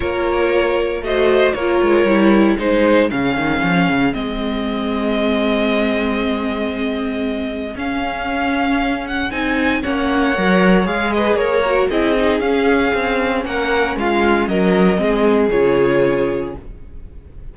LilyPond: <<
  \new Staff \with { instrumentName = "violin" } { \time 4/4 \tempo 4 = 116 cis''2 dis''4 cis''4~ | cis''4 c''4 f''2 | dis''1~ | dis''2. f''4~ |
f''4. fis''8 gis''4 fis''4~ | fis''4 f''8 dis''8 cis''4 dis''4 | f''2 fis''4 f''4 | dis''2 cis''2 | }
  \new Staff \with { instrumentName = "violin" } { \time 4/4 ais'2 c''4 ais'4~ | ais'4 gis'2.~ | gis'1~ | gis'1~ |
gis'2. cis''4~ | cis''4. b'8 ais'4 gis'4~ | gis'2 ais'4 f'4 | ais'4 gis'2. | }
  \new Staff \with { instrumentName = "viola" } { \time 4/4 f'2 fis'4 f'4 | e'4 dis'4 cis'2 | c'1~ | c'2. cis'4~ |
cis'2 dis'4 cis'4 | ais'4 gis'4. fis'8 e'8 dis'8 | cis'1~ | cis'4 c'4 f'2 | }
  \new Staff \with { instrumentName = "cello" } { \time 4/4 ais2 a4 ais8 gis8 | g4 gis4 cis8 dis8 f8 cis8 | gis1~ | gis2. cis'4~ |
cis'2 c'4 ais4 | fis4 gis4 ais4 c'4 | cis'4 c'4 ais4 gis4 | fis4 gis4 cis2 | }
>>